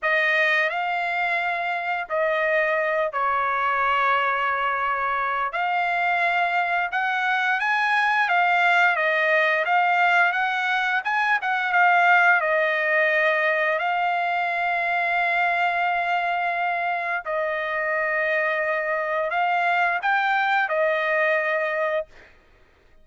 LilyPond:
\new Staff \with { instrumentName = "trumpet" } { \time 4/4 \tempo 4 = 87 dis''4 f''2 dis''4~ | dis''8 cis''2.~ cis''8 | f''2 fis''4 gis''4 | f''4 dis''4 f''4 fis''4 |
gis''8 fis''8 f''4 dis''2 | f''1~ | f''4 dis''2. | f''4 g''4 dis''2 | }